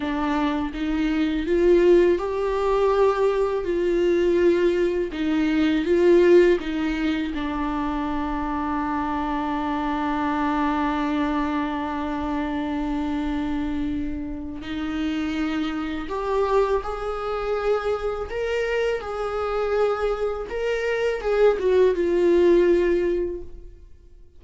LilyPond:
\new Staff \with { instrumentName = "viola" } { \time 4/4 \tempo 4 = 82 d'4 dis'4 f'4 g'4~ | g'4 f'2 dis'4 | f'4 dis'4 d'2~ | d'1~ |
d'1 | dis'2 g'4 gis'4~ | gis'4 ais'4 gis'2 | ais'4 gis'8 fis'8 f'2 | }